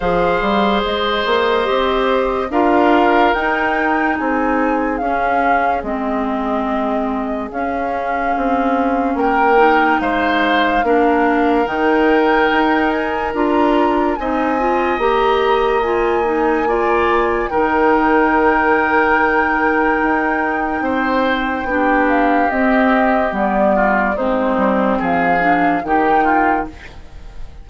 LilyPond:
<<
  \new Staff \with { instrumentName = "flute" } { \time 4/4 \tempo 4 = 72 f''4 dis''2 f''4 | g''4 gis''4 f''4 dis''4~ | dis''4 f''2 g''4 | f''2 g''4. gis''8 |
ais''4 gis''4 ais''4 gis''4~ | gis''4 g''2.~ | g''2~ g''8 f''8 dis''4 | d''4 c''4 f''4 g''4 | }
  \new Staff \with { instrumentName = "oboe" } { \time 4/4 c''2. ais'4~ | ais'4 gis'2.~ | gis'2. ais'4 | c''4 ais'2.~ |
ais'4 dis''2. | d''4 ais'2.~ | ais'4 c''4 g'2~ | g'8 f'8 dis'4 gis'4 g'8 f'8 | }
  \new Staff \with { instrumentName = "clarinet" } { \time 4/4 gis'2 g'4 f'4 | dis'2 cis'4 c'4~ | c'4 cis'2~ cis'8 dis'8~ | dis'4 d'4 dis'2 |
f'4 dis'8 f'8 g'4 f'8 dis'8 | f'4 dis'2.~ | dis'2 d'4 c'4 | b4 c'4. d'8 dis'4 | }
  \new Staff \with { instrumentName = "bassoon" } { \time 4/4 f8 g8 gis8 ais8 c'4 d'4 | dis'4 c'4 cis'4 gis4~ | gis4 cis'4 c'4 ais4 | gis4 ais4 dis4 dis'4 |
d'4 c'4 ais2~ | ais4 dis2. | dis'4 c'4 b4 c'4 | g4 gis8 g8 f4 dis4 | }
>>